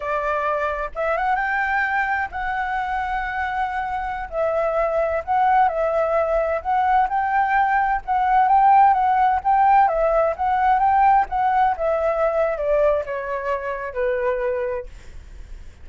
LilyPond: \new Staff \with { instrumentName = "flute" } { \time 4/4 \tempo 4 = 129 d''2 e''8 fis''8 g''4~ | g''4 fis''2.~ | fis''4~ fis''16 e''2 fis''8.~ | fis''16 e''2 fis''4 g''8.~ |
g''4~ g''16 fis''4 g''4 fis''8.~ | fis''16 g''4 e''4 fis''4 g''8.~ | g''16 fis''4 e''4.~ e''16 d''4 | cis''2 b'2 | }